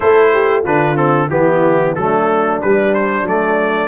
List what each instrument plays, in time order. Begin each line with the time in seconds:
0.00 tuba A3, trombone E4, horn A4, trumpet C5
0.32 horn G4
0.63 tuba D3, trombone D4, horn F4, trumpet B4
0.96 trombone C4, trumpet A4
1.29 tuba E3, trombone B3, horn E4, trumpet G4
1.94 tuba F#3, trombone A3, horn D4, trumpet A4
2.61 tuba G3, trombone G3, trumpet B4
2.94 trumpet C5
3.23 tuba F#3, trombone A3, trumpet D5